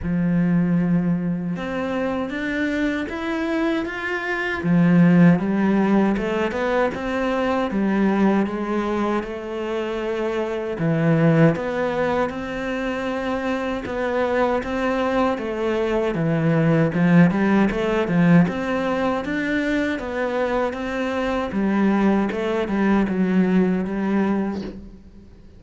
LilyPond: \new Staff \with { instrumentName = "cello" } { \time 4/4 \tempo 4 = 78 f2 c'4 d'4 | e'4 f'4 f4 g4 | a8 b8 c'4 g4 gis4 | a2 e4 b4 |
c'2 b4 c'4 | a4 e4 f8 g8 a8 f8 | c'4 d'4 b4 c'4 | g4 a8 g8 fis4 g4 | }